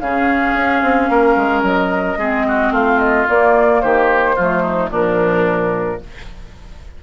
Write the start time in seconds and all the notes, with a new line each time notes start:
0.00 C#3 C#4 G#4 F5
0.55 C#4
0.83 C4
1.09 A#3 A#4
1.36 G#3
1.63 F#3 D#5
2.18 G#3 C4 G#4
2.48 F#4
2.71 A3 F4 F5
2.99 D#5
3.27 A#3 D5
3.81 D#3 G4 C5
4.36 F3 A3 F4
4.62 D#4
4.90 A#2 F3 D4 A#4